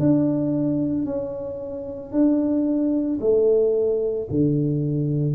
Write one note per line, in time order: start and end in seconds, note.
0.00 1.06 D4
1.06 2.12 C#4
2.12 3.19 D4
3.21 4.28 A3
4.31 5.35 D3